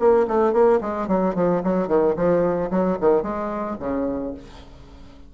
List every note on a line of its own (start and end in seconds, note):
0.00 0.27 A#3
0.28 0.53 A3
0.53 0.80 A#3
0.81 1.08 G#3
1.08 1.35 F#3
1.35 1.62 F3
1.64 1.88 F#3
1.88 2.15 D#3
2.16 2.71 F3
2.71 2.98 F#3
3.01 3.23 D#3
3.23 3.77 G#3
3.80 4.34 C#3